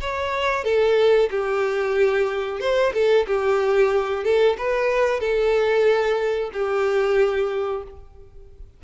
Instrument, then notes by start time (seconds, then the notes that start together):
violin
0.00 C#5
0.64 A4
1.30 G4
2.60 C5
2.93 A4
3.27 G4
4.24 A4
4.57 B4
5.20 A4
6.52 G4